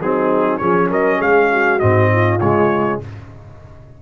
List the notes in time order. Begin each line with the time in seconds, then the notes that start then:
0.00 F#3 C4 D#4 G#4
0.57 F3 C#4 G#4 C#5
0.90 F#3 A#4 D#5
1.18 G#3 G#4 F5
1.51 F#4
1.79 G#2 C4 D#5
2.12 F4
2.39 C#3 G#3 C#5